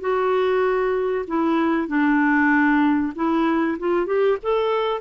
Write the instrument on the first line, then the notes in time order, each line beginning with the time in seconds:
clarinet
0.00 F#4
1.27 E4
1.88 D4
3.15 E4
3.79 F4
4.06 G4
4.42 A4